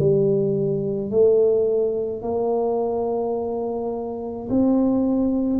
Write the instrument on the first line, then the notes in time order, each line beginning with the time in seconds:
tuba
0.00 G3
1.11 A3
2.22 A#3
4.50 C4